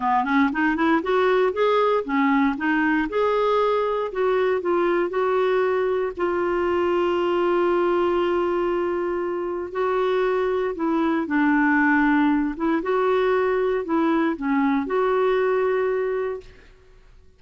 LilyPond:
\new Staff \with { instrumentName = "clarinet" } { \time 4/4 \tempo 4 = 117 b8 cis'8 dis'8 e'8 fis'4 gis'4 | cis'4 dis'4 gis'2 | fis'4 f'4 fis'2 | f'1~ |
f'2. fis'4~ | fis'4 e'4 d'2~ | d'8 e'8 fis'2 e'4 | cis'4 fis'2. | }